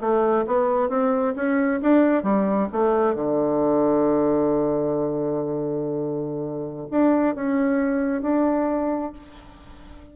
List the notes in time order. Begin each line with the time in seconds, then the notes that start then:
0.00 A3
0.47 B3
0.89 C4
1.35 C#4
1.82 D4
2.23 G3
2.72 A3
3.15 D3
6.90 D4
7.35 C#4
8.22 D4